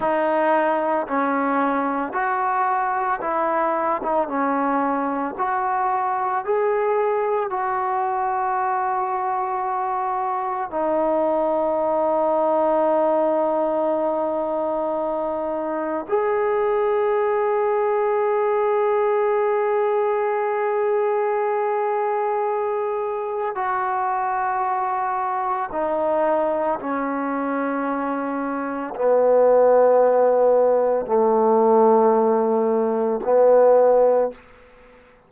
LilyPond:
\new Staff \with { instrumentName = "trombone" } { \time 4/4 \tempo 4 = 56 dis'4 cis'4 fis'4 e'8. dis'16 | cis'4 fis'4 gis'4 fis'4~ | fis'2 dis'2~ | dis'2. gis'4~ |
gis'1~ | gis'2 fis'2 | dis'4 cis'2 b4~ | b4 a2 b4 | }